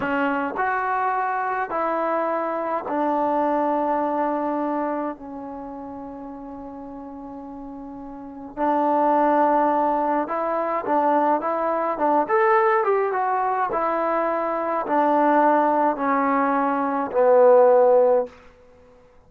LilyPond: \new Staff \with { instrumentName = "trombone" } { \time 4/4 \tempo 4 = 105 cis'4 fis'2 e'4~ | e'4 d'2.~ | d'4 cis'2.~ | cis'2. d'4~ |
d'2 e'4 d'4 | e'4 d'8 a'4 g'8 fis'4 | e'2 d'2 | cis'2 b2 | }